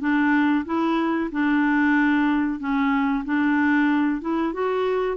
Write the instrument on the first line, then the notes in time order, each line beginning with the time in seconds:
clarinet
0.00 D4
0.65 E4
1.31 D4
2.60 C#4
3.25 D4
4.21 E4
4.53 F#4